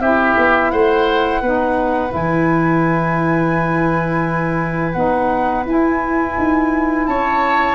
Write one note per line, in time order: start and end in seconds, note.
0.00 0.35 C4
0.00 1.42 E4
0.00 0.72 G4
0.00 0.71 E5
0.38 0.73 B3
0.71 1.42 A3
0.71 1.41 C5
0.71 2.12 F#5
1.41 2.13 B3
1.41 2.09 D#4
1.41 7.06 B4
2.09 4.95 E3
2.09 4.91 E4
2.15 4.93 G#5
4.93 5.66 B3
4.93 5.65 D#4
4.93 5.63 F#5
5.66 6.36 E4
5.66 7.75 E4
5.66 7.06 G#5
6.38 7.08 D#4
7.06 7.75 C#4
7.06 7.75 C#5
7.06 7.75 A5